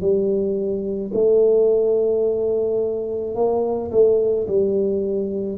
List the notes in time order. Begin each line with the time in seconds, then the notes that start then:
0.00 G3
1.14 A3
3.35 A#3
3.91 A3
4.47 G3